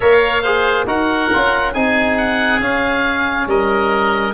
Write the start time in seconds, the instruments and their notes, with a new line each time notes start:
0.00 tuba A#3, trombone A#4, oboe C#5 F5
0.42 trombone G#4, oboe C5
0.86 tuba D#4, trombone F#4, oboe A#4 F#5
1.33 tuba C#4, trombone F4
1.73 tuba C4, trombone D#4, oboe G#4 G#5
2.17 oboe F#5
2.59 tuba C#4, trombone C#4, oboe F5
3.46 tuba G3, oboe A#4 D#5